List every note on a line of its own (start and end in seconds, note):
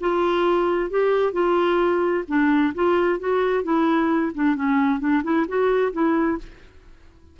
0.00 0.90 F4
0.90 1.33 G4
1.33 2.24 F4
2.28 2.74 D4
2.75 3.19 F4
3.19 3.63 F#4
3.63 4.32 E4
4.34 4.55 D4
4.55 5.00 C#4
5.00 5.23 D4
5.23 5.46 E4
5.48 5.92 F#4
5.92 6.38 E4